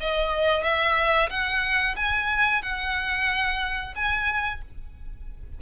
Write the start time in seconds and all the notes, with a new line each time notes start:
0.00 D#5
0.63 E5
1.29 F#5
1.96 G#5
2.62 F#5
3.95 G#5